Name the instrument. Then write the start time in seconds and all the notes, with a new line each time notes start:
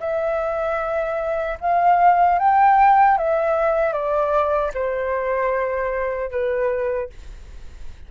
flute
0.00 E5
1.60 F5
2.39 G5
3.17 E5
3.93 D5
4.74 C5
6.31 B4